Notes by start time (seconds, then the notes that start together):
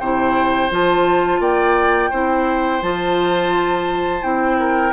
0.00 C3 E4 C5 G5
0.71 F3 F4 A5
1.40 A#3 D5 G5
2.11 C4 E4 C5
2.82 F3 F4 A5
4.22 C4 E4 G5
4.60 A#4